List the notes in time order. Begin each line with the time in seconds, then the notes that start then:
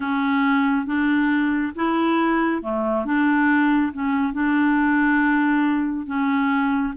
0.00 C#4
0.86 D4
1.75 E4
2.62 A3
3.05 D4
3.93 C#4
4.33 D4
6.06 C#4